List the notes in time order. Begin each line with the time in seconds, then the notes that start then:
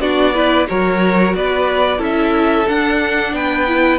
0.00 B3 D4 F#4 D5
0.34 E4 B4
0.68 F#3 F#4 A#4 C#5
1.34 B3 B4 D5
1.98 C#4 E4 A4 E5
2.68 D4 F#5
3.33 B3 B4 G5
3.67 E4